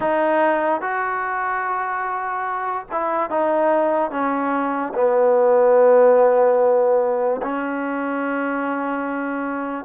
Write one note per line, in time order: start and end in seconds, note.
0.00 0.81 D#4
0.81 2.86 F#4
2.91 3.30 E4
3.30 4.11 D#4
4.11 4.93 C#4
4.94 7.41 B3
7.42 9.85 C#4